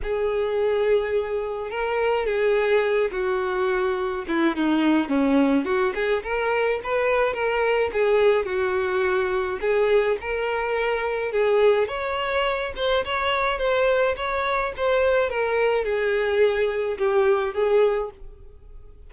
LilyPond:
\new Staff \with { instrumentName = "violin" } { \time 4/4 \tempo 4 = 106 gis'2. ais'4 | gis'4. fis'2 e'8 | dis'4 cis'4 fis'8 gis'8 ais'4 | b'4 ais'4 gis'4 fis'4~ |
fis'4 gis'4 ais'2 | gis'4 cis''4. c''8 cis''4 | c''4 cis''4 c''4 ais'4 | gis'2 g'4 gis'4 | }